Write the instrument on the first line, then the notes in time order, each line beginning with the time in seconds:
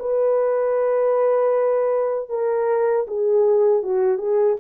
horn
0.00 B4
2.30 A#4
3.08 G#4
3.83 F#4
4.19 G#4